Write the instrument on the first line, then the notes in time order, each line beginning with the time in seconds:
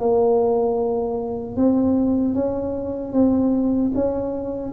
tuba
0.00 A#3
1.56 C4
2.34 C#4
3.13 C4
3.95 C#4